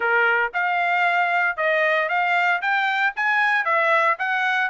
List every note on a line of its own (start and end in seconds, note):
0.00 0.52 A#4
0.53 1.56 F5
1.56 2.08 D#5
2.08 2.61 F5
2.61 3.13 G5
3.15 3.65 G#5
3.65 4.17 E5
4.18 4.70 F#5